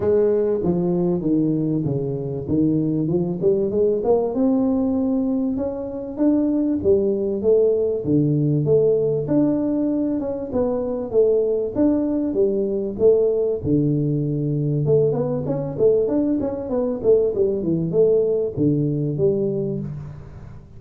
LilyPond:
\new Staff \with { instrumentName = "tuba" } { \time 4/4 \tempo 4 = 97 gis4 f4 dis4 cis4 | dis4 f8 g8 gis8 ais8 c'4~ | c'4 cis'4 d'4 g4 | a4 d4 a4 d'4~ |
d'8 cis'8 b4 a4 d'4 | g4 a4 d2 | a8 b8 cis'8 a8 d'8 cis'8 b8 a8 | g8 e8 a4 d4 g4 | }